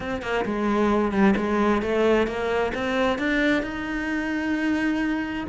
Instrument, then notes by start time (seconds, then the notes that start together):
cello
0.00 C4
0.21 A#3
0.45 G#3
1.11 G3
1.36 G#3
1.82 A3
2.27 A#3
2.74 C4
3.18 D4
3.62 D#4